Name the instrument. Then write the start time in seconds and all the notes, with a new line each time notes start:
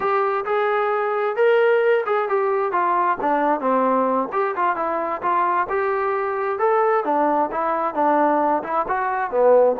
trombone
0.00 G4
0.45 G#4
1.36 A#4
2.06 G#4
2.28 G4
2.72 F4
3.20 D4
3.60 C4
4.32 G4
4.56 F4
4.76 E4
5.21 F4
5.69 G4
6.58 A4
7.04 D4
7.51 E4
7.94 D4
8.63 E4
8.88 F#4
9.30 B3